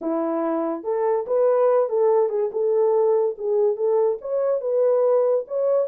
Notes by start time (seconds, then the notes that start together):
0.01 E4
0.83 A4
1.26 B4
1.89 A4
2.29 G#4
2.52 A4
3.38 G#4
3.76 A4
4.21 C#5
4.60 B4
5.47 C#5